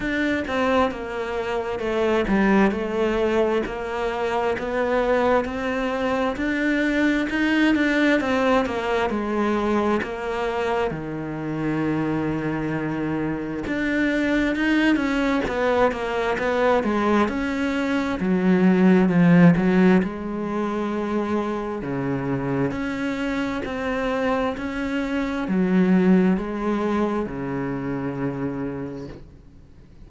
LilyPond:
\new Staff \with { instrumentName = "cello" } { \time 4/4 \tempo 4 = 66 d'8 c'8 ais4 a8 g8 a4 | ais4 b4 c'4 d'4 | dis'8 d'8 c'8 ais8 gis4 ais4 | dis2. d'4 |
dis'8 cis'8 b8 ais8 b8 gis8 cis'4 | fis4 f8 fis8 gis2 | cis4 cis'4 c'4 cis'4 | fis4 gis4 cis2 | }